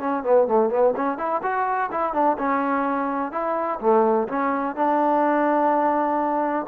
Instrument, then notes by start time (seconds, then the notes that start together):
trombone
0.00 C#4
0.24 B3
0.47 A3
0.70 B3
0.96 C#4
1.18 E4
1.43 F#4
1.92 E4
2.13 D4
2.38 C#4
3.32 E4
3.80 A3
4.28 C#4
4.76 D4